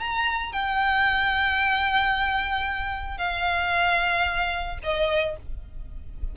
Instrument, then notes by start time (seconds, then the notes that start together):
violin
0.00 A#5
0.53 G5
3.18 F5
4.83 D#5